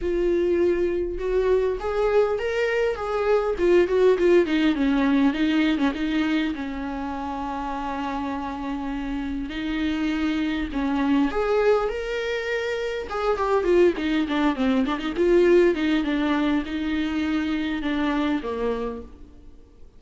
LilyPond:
\new Staff \with { instrumentName = "viola" } { \time 4/4 \tempo 4 = 101 f'2 fis'4 gis'4 | ais'4 gis'4 f'8 fis'8 f'8 dis'8 | cis'4 dis'8. cis'16 dis'4 cis'4~ | cis'1 |
dis'2 cis'4 gis'4 | ais'2 gis'8 g'8 f'8 dis'8 | d'8 c'8 d'16 dis'16 f'4 dis'8 d'4 | dis'2 d'4 ais4 | }